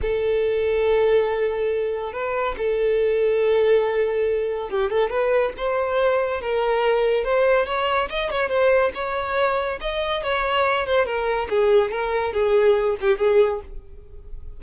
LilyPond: \new Staff \with { instrumentName = "violin" } { \time 4/4 \tempo 4 = 141 a'1~ | a'4 b'4 a'2~ | a'2. g'8 a'8 | b'4 c''2 ais'4~ |
ais'4 c''4 cis''4 dis''8 cis''8 | c''4 cis''2 dis''4 | cis''4. c''8 ais'4 gis'4 | ais'4 gis'4. g'8 gis'4 | }